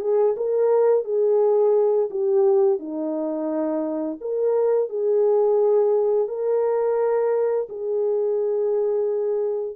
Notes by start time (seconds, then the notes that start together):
0.00 G#4
0.36 A#4
1.04 G#4
2.10 G4
2.79 D#4
4.21 A#4
4.89 G#4
6.28 A#4
7.69 G#4